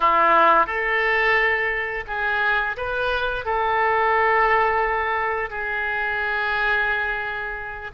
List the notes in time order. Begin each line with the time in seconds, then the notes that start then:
0.00 E4
0.66 A4
2.07 G#4
2.76 B4
3.45 A4
5.50 G#4